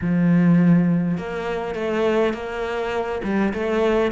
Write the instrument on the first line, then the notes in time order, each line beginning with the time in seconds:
cello
0.01 F3
1.17 A#3
1.74 A3
2.33 A#3
3.23 G3
3.53 A3